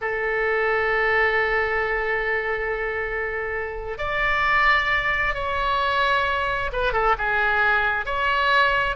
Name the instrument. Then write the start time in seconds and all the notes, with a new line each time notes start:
oboe
0.01 A4
3.98 D5
5.34 C#5
6.72 B4
6.92 A4
7.18 G#4
8.05 C#5